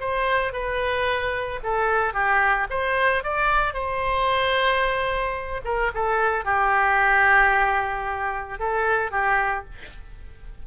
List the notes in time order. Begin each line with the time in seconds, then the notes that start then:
0.00 C5
0.53 B4
1.63 A4
2.14 G4
2.70 C5
3.24 D5
3.74 C5
5.64 A#4
5.95 A4
6.45 G4
8.59 A4
9.11 G4